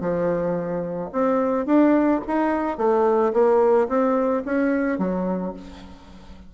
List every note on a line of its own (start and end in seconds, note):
0.00 1.10 F3
1.12 1.65 C4
1.65 2.20 D4
2.27 2.77 D#4
2.77 3.32 A3
3.33 3.88 A#3
3.88 4.43 C4
4.45 4.98 C#4
4.98 5.53 F#3